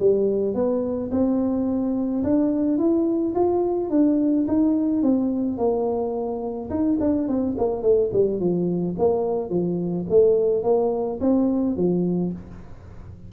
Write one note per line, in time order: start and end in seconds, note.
0.00 0.55 G3
0.55 1.11 B3
1.11 2.24 C4
2.24 2.79 D4
2.79 3.34 E4
3.35 3.90 F4
3.90 4.47 D4
4.48 5.03 D#4
5.03 5.58 C4
5.58 6.70 A#3
6.70 6.98 D#4
7.00 7.28 D4
7.28 7.56 C4
7.59 7.83 A#3
7.83 8.11 A3
8.13 8.40 G3
8.40 8.96 F3
8.99 9.50 A#3
9.50 10.06 F3
10.10 10.64 A3
10.64 11.20 A#3
11.21 11.77 C4
11.77 12.33 F3